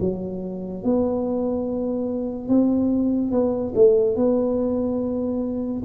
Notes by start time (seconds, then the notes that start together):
0.00 F#3
0.84 B3
2.48 C4
3.31 B3
3.75 A3
4.16 B3